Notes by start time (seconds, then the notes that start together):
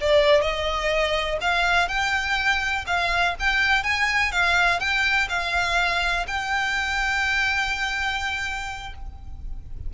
0.00 D5
0.41 D#5
1.41 F5
1.88 G5
2.86 F5
3.39 G5
3.83 G#5
4.32 F5
4.80 G5
5.29 F5
6.27 G5